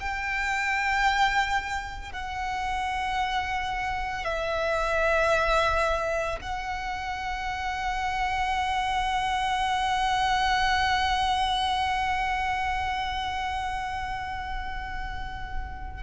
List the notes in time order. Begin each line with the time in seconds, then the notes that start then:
0.00 G5
2.13 F#5
4.24 E5
6.41 F#5